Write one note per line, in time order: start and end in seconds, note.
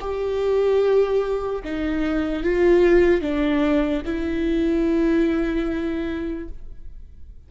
0.00 1.62 G4
1.64 2.43 D#4
2.43 3.21 F4
3.21 4.02 D4
4.05 6.48 E4